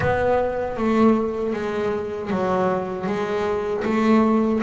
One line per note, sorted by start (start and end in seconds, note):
0.00 0.76 B3
0.76 1.53 A3
1.53 2.30 G#3
2.30 3.06 F#3
3.06 3.83 G#3
3.84 4.61 A3